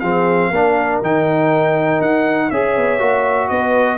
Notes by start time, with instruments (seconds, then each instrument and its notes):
0.00 tuba F3, trombone C4, horn G#4, trumpet F5
0.50 tuba A#3, trombone D4, horn A#4
1.02 tuba D#3, trombone D#4, trumpet G5
2.01 tuba D#4, trumpet F#5
2.50 tuba C#4, trombone G#4, horn C#5, trumpet E5
2.76 tuba B3
2.99 tuba A#3, trombone F#4
3.49 tuba B3, horn B4, trumpet D#5